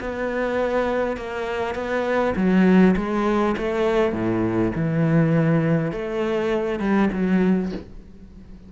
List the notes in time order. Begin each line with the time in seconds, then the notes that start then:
0.00 B3
1.17 A#3
1.75 B3
2.36 F#3
2.96 G#3
3.57 A3
4.13 A2
4.75 E3
5.92 A3
6.80 G3
7.13 F#3